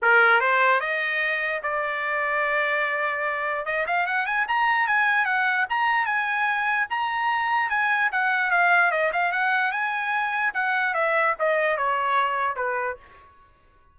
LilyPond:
\new Staff \with { instrumentName = "trumpet" } { \time 4/4 \tempo 4 = 148 ais'4 c''4 dis''2 | d''1~ | d''4 dis''8 f''8 fis''8 gis''8 ais''4 | gis''4 fis''4 ais''4 gis''4~ |
gis''4 ais''2 gis''4 | fis''4 f''4 dis''8 f''8 fis''4 | gis''2 fis''4 e''4 | dis''4 cis''2 b'4 | }